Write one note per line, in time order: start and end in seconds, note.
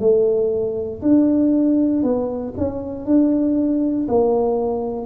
0.00 1.02 A3
1.02 2.03 D4
2.03 2.54 B3
2.57 3.06 C#4
3.06 4.07 D4
4.09 5.07 A#3